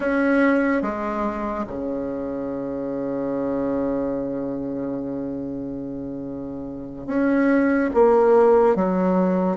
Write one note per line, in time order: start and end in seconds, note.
0.00 0.81 C#4
0.81 1.65 G#3
1.67 7.06 C#3
7.06 7.89 C#4
7.94 8.75 A#3
8.75 9.57 F#3